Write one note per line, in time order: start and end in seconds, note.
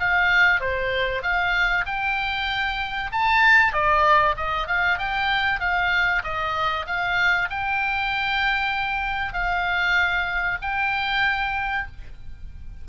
0.00 0.61 F5
0.61 1.23 C5
1.23 1.85 F5
1.86 3.11 G5
3.12 3.73 A5
3.73 4.36 D5
4.37 4.68 D#5
4.68 4.99 F5
4.99 5.60 G5
5.60 6.22 F5
6.24 6.86 D#5
6.87 7.49 F5
7.50 9.33 G5
9.33 10.58 F5
10.62 11.87 G5